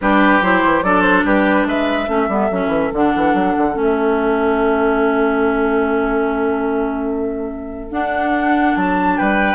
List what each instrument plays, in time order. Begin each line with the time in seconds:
0.01 bassoon G3, clarinet D4, oboe G4, flute B4
0.41 bassoon F#3, clarinet E4, flute C5
0.64 bassoon E3
0.82 bassoon F#3, clarinet D4, oboe A4, flute D5
1.01 flute C5
1.24 bassoon G3, oboe G4, flute B4
1.65 bassoon G#3, oboe B4, flute E5
2.07 bassoon A3, clarinet C#4, oboe A4
2.28 bassoon G3, clarinet B3
2.50 bassoon F#3, clarinet C#4
2.67 bassoon E3
2.93 bassoon D3, clarinet D4, flute F#5
3.15 bassoon E3
3.34 bassoon F#3
3.57 bassoon D3
3.72 bassoon A3, clarinet C#4, flute E5
7.90 clarinet D4, bassoon D4, flute F#5
8.75 bassoon F#3, flute A5
9.17 bassoon G3, oboe B4, flute G5